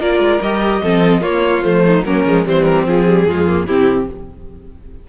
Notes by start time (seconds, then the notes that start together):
0.00 A#3 F4 A#4 D5
0.19 G#3
0.41 G3 G4 D#5
0.82 F3 C4 A4
1.21 A#3 F4 C#5
1.63 F3 A3 C5
1.86 D#4
2.05 F#3 A#3 C#4 A#4
2.25 F3 G#3
2.46 E3 G3 C4 C5
2.64 A#4
2.86 F3 G#4
3.07 G3
3.26 F2 G#3 F4
3.47 A#3
3.66 C3 C4 E4 G4